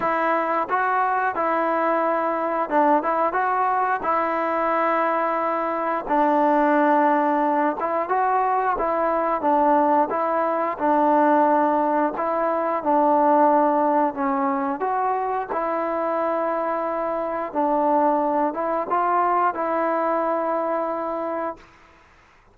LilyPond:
\new Staff \with { instrumentName = "trombone" } { \time 4/4 \tempo 4 = 89 e'4 fis'4 e'2 | d'8 e'8 fis'4 e'2~ | e'4 d'2~ d'8 e'8 | fis'4 e'4 d'4 e'4 |
d'2 e'4 d'4~ | d'4 cis'4 fis'4 e'4~ | e'2 d'4. e'8 | f'4 e'2. | }